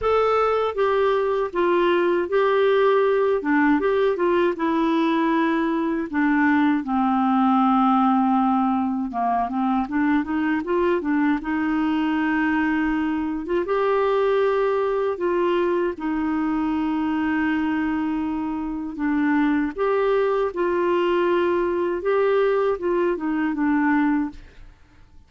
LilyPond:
\new Staff \with { instrumentName = "clarinet" } { \time 4/4 \tempo 4 = 79 a'4 g'4 f'4 g'4~ | g'8 d'8 g'8 f'8 e'2 | d'4 c'2. | ais8 c'8 d'8 dis'8 f'8 d'8 dis'4~ |
dis'4.~ dis'16 f'16 g'2 | f'4 dis'2.~ | dis'4 d'4 g'4 f'4~ | f'4 g'4 f'8 dis'8 d'4 | }